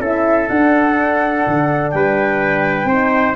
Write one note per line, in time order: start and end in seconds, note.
0.00 0.48 C#4
0.00 0.49 E4
0.00 1.92 A4
0.00 0.48 E5
0.48 2.89 D4
0.48 1.46 D4
0.48 1.91 F#5
1.47 1.94 D3
1.91 2.85 G3
1.91 2.88 B4
1.91 3.35 G5
2.85 3.33 C4
2.85 3.36 D#4
2.85 3.36 C5